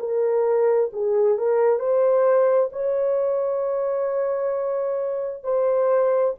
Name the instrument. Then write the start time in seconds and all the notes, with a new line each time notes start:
horn
0.00 A#4
0.93 G#4
1.38 A#4
1.80 C5
2.73 C#5
5.44 C5